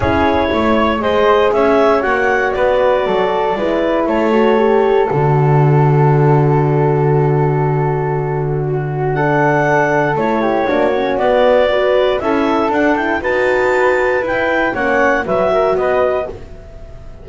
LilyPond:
<<
  \new Staff \with { instrumentName = "clarinet" } { \time 4/4 \tempo 4 = 118 cis''2 dis''4 e''4 | fis''4 d''2. | cis''2 d''2~ | d''1~ |
d''2 fis''2 | cis''2 d''2 | e''4 fis''8 g''8 a''2 | g''4 fis''4 e''4 dis''4 | }
  \new Staff \with { instrumentName = "flute" } { \time 4/4 gis'4 cis''4 c''4 cis''4~ | cis''4 b'4 a'4 b'4 | a'1~ | a'1~ |
a'4 fis'4 a'2~ | a'8 g'8 fis'2 b'4 | a'2 b'2~ | b'4 cis''4 b'8 ais'8 b'4 | }
  \new Staff \with { instrumentName = "horn" } { \time 4/4 e'2 gis'2 | fis'2. e'4~ | e'8 fis'8 g'4 fis'2~ | fis'1~ |
fis'2 d'2 | e'4 d'8 cis'8 b4 fis'4 | e'4 d'8 e'8 fis'2 | e'4 cis'4 fis'2 | }
  \new Staff \with { instrumentName = "double bass" } { \time 4/4 cis'4 a4 gis4 cis'4 | ais4 b4 fis4 gis4 | a2 d2~ | d1~ |
d1 | a4 ais4 b2 | cis'4 d'4 dis'2 | e'4 ais4 fis4 b4 | }
>>